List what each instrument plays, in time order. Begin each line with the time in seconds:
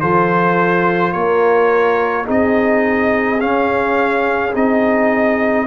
0.00 tuba F3, trombone F4, horn A4, trumpet C5
1.12 tuba A#3, horn A#4, trumpet C#5
2.25 tuba C4, trombone D#4, horn G#4, trumpet D#5
3.39 trombone C#4, tuba C#4, trumpet F5
4.54 tuba C4, trombone D#4, trumpet D#5